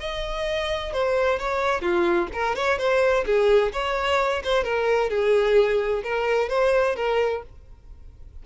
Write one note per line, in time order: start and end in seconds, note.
0.00 0.93 D#5
0.93 1.39 C5
1.39 1.82 C#5
1.82 2.28 F4
2.33 2.55 A#4
2.55 2.78 C#5
2.78 3.25 C5
3.26 3.73 G#4
3.73 4.43 C#5
4.44 4.64 C5
4.64 5.10 A#4
5.10 6.03 G#4
6.04 6.49 A#4
6.49 6.96 C5
6.96 7.43 A#4